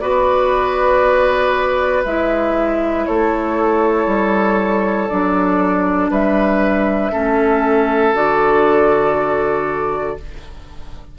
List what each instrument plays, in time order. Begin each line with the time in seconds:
0.00 bassoon B3, clarinet F#4, oboe B4, flute D5
2.04 bassoon G#3, clarinet E4, flute E5
3.06 bassoon A3, oboe A4, flute C#5
4.07 bassoon G3
5.08 bassoon F#3, clarinet D4, flute D5
6.10 bassoon G3, oboe B4, flute E5
7.12 bassoon A3, clarinet C#4, oboe A4
8.14 bassoon D3, clarinet F#4, flute D5